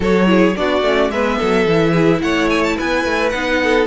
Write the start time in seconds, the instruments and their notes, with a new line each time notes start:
0.00 cello F#3, viola F#4, violin A4 C#5
0.26 viola E4, violin G#4
0.55 cello B3, viola D4, violin F#4 D5
0.82 cello A3, viola C#4
1.09 cello G#3, viola B3, violin B4 E5
1.38 cello F#3, violin A4
1.66 cello E3, viola E4
1.91 violin G#4
2.21 cello A3, violin C#5 F#5
2.49 violin G#5
2.63 violin A5
2.75 cello B3, violin B4 G#5
3.05 cello A3
3.29 cello B3, viola D#4, violin F#5
3.63 violin A4